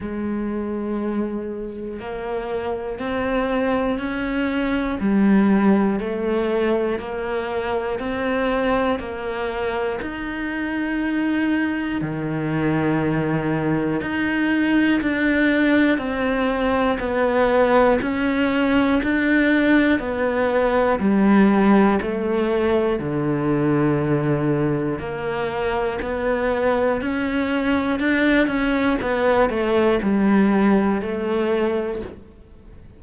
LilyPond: \new Staff \with { instrumentName = "cello" } { \time 4/4 \tempo 4 = 60 gis2 ais4 c'4 | cis'4 g4 a4 ais4 | c'4 ais4 dis'2 | dis2 dis'4 d'4 |
c'4 b4 cis'4 d'4 | b4 g4 a4 d4~ | d4 ais4 b4 cis'4 | d'8 cis'8 b8 a8 g4 a4 | }